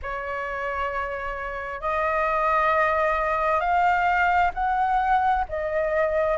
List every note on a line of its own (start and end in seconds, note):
0.02 1.80 C#5
1.80 3.60 D#5
3.60 4.51 F5
4.53 5.44 F#5
5.48 6.37 D#5